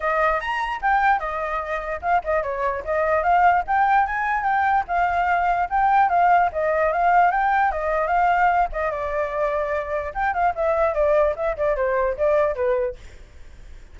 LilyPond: \new Staff \with { instrumentName = "flute" } { \time 4/4 \tempo 4 = 148 dis''4 ais''4 g''4 dis''4~ | dis''4 f''8 dis''8 cis''4 dis''4 | f''4 g''4 gis''4 g''4 | f''2 g''4 f''4 |
dis''4 f''4 g''4 dis''4 | f''4. dis''8 d''2~ | d''4 g''8 f''8 e''4 d''4 | e''8 d''8 c''4 d''4 b'4 | }